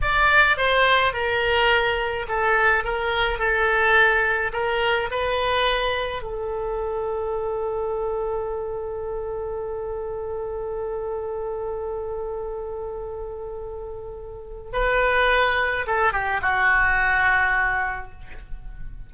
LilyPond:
\new Staff \with { instrumentName = "oboe" } { \time 4/4 \tempo 4 = 106 d''4 c''4 ais'2 | a'4 ais'4 a'2 | ais'4 b'2 a'4~ | a'1~ |
a'1~ | a'1~ | a'2 b'2 | a'8 g'8 fis'2. | }